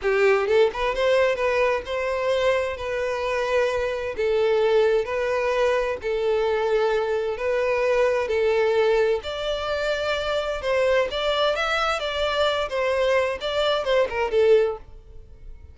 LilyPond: \new Staff \with { instrumentName = "violin" } { \time 4/4 \tempo 4 = 130 g'4 a'8 b'8 c''4 b'4 | c''2 b'2~ | b'4 a'2 b'4~ | b'4 a'2. |
b'2 a'2 | d''2. c''4 | d''4 e''4 d''4. c''8~ | c''4 d''4 c''8 ais'8 a'4 | }